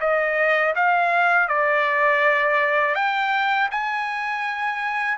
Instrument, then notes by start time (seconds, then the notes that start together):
trumpet
0.00 D#5
0.75 F5
1.48 D5
2.95 G5
3.71 G#5